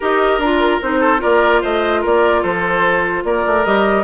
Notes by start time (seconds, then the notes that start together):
0.00 D#4 G4 A#4 D#5
0.38 D4 F4 A#4
0.82 C4 D#4 C5
1.00 A4
1.18 F4 A#4 D5
1.24 A#3
1.61 A3 C5 D#5
2.01 A#3 A#4 D5
2.42 F3 A4 C5
3.24 A#3 A#4 D5
3.46 A3
3.65 G3 G4 D#5